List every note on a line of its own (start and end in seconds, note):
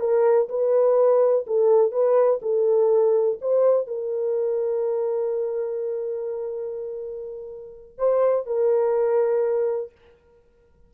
0.00 0.48 A#4
0.49 1.45 B4
1.46 1.92 A4
1.92 2.40 B4
2.42 3.39 A4
3.41 3.87 C5
3.87 7.98 A#4
7.98 8.46 C5
8.46 9.91 A#4